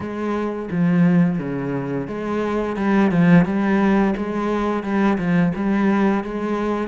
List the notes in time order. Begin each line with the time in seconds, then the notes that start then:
0.00 G#3
0.71 F3
1.38 C#3
2.07 G#3
2.76 G3
3.11 F3
3.45 G3
4.16 G#3
4.83 G3
5.18 F3
5.55 G3
6.24 G#3